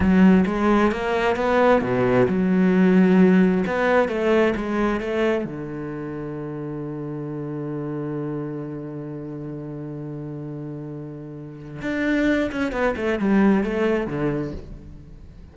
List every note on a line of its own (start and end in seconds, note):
0.00 0.44 F#3
0.46 0.91 G#3
0.91 1.36 A#3
1.36 1.81 B3
1.81 2.27 B2
2.28 3.64 F#3
3.66 4.08 B3
4.08 4.53 A3
4.56 5.00 G#3
5.00 5.44 A3
5.44 11.81 D3
11.82 12.50 D4
12.51 12.71 C#4
12.71 12.94 B3
12.96 13.19 A3
13.19 13.63 G3
13.63 14.07 A3
14.07 14.52 D3